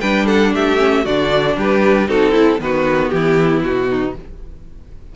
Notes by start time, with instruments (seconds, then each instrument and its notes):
0.00 cello G3, viola D4, violin B4 G5
0.26 violin A4 F#5
0.54 cello A3, violin G4 E5
0.77 viola C#4
1.04 cello D3, viola D4, violin F#4 D5
1.56 cello G3, violin G4 B4
2.08 cello C4, viola D#4, violin F#4 A4
2.31 violin E4, viola E4
2.59 cello D#3, viola B3, violin F#4 B4
3.09 cello E3, violin E4 G4
3.63 cello B2, violin F#4
3.89 violin D#4